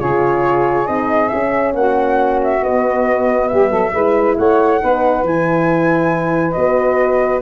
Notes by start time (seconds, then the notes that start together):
0.00 C#3 F4 G#4 C#5
0.87 C4 D#4 D#5
1.28 C#4 E5
1.35 C#4
1.74 A#3 F#4 F#5
2.44 E5
2.62 B3 D#5
3.48 G3 G4 E5
3.70 F#3 A4
3.94 G#3 E4 B4
4.38 A3 C#5 F#5
4.80 B3 D#4 B4
5.23 E3 E4 G#5
6.52 B3 F#4 D#5